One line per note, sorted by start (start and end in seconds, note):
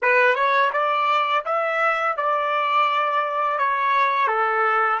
0.02 0.35 B4
0.35 0.70 C#5
0.72 1.44 D5
1.45 2.16 E5
2.16 3.58 D5
3.58 4.27 C#5
4.27 4.99 A4